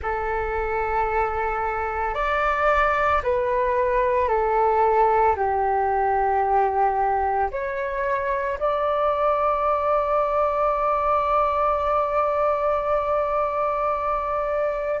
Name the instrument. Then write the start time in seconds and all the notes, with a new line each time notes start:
flute
0.02 A4
2.14 D5
3.23 B4
4.28 A4
5.36 G4
7.51 C#5
8.59 D5